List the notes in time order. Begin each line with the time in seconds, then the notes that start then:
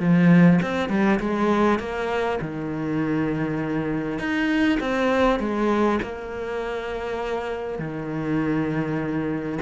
0.00 F3
0.62 C4
0.89 G3
1.20 G#3
1.79 A#3
2.41 D#3
4.19 D#4
4.80 C4
5.40 G#3
6.02 A#3
7.79 D#3